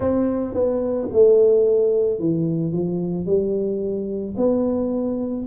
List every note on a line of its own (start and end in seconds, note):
0.00 0.54 C4
0.54 1.08 B3
1.12 2.19 A3
2.19 2.72 E3
2.72 3.25 F3
3.25 4.34 G3
4.36 5.45 B3